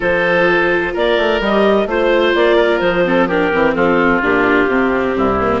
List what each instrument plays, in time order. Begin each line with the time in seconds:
0.00 bassoon F3, viola F4, oboe A4, clarinet C5
0.93 bassoon A#3, oboe A#4, clarinet D5
1.17 bassoon A3
1.40 bassoon G3, viola G4, clarinet D#5
1.86 bassoon A3, viola F4, clarinet C5, oboe C5
2.34 bassoon A#3, clarinet D5
2.56 oboe A#4
2.79 bassoon F3, clarinet C5
3.04 viola C4, oboe A4
3.27 viola D4, oboe G4, clarinet A#4
3.53 bassoon E3, viola C4
3.73 bassoon F3, oboe F4, clarinet A4
4.21 bassoon A#2, viola D4, clarinet G4
4.66 bassoon C3, viola C4
5.16 bassoon C2, oboe E4
5.40 viola A#3